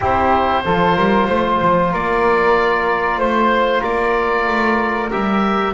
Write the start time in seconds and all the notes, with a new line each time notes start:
0.00 C4 E4 G4 C5
0.65 F3 F4 A4
0.95 G3 A#4
1.28 A3 C5
1.61 F3
1.92 A#3 A#4 D5
3.18 A3 C5
3.80 A#3 A#4 D5
4.47 A3
5.10 G3 G4 E5